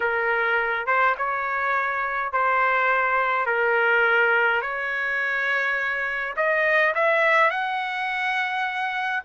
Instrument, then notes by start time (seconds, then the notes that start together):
trumpet
0.00 A#4
0.86 C5
1.17 C#5
2.32 C5
3.46 A#4
4.61 C#5
6.36 D#5
6.94 E5
7.50 F#5